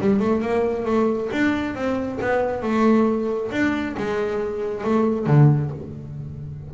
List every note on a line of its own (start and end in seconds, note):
0.00 0.20 G3
0.20 0.42 A3
0.42 0.85 A#3
0.85 1.30 A3
1.33 1.75 D4
1.75 2.19 C4
2.21 2.63 B3
2.63 3.51 A3
3.52 3.96 D4
3.97 4.84 G#3
4.84 5.27 A3
5.27 5.71 D3